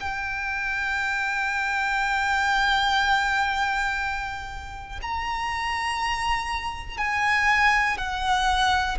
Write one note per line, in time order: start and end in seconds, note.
0.00 5.00 G5
5.02 6.98 A#5
6.98 7.98 G#5
7.98 8.98 F#5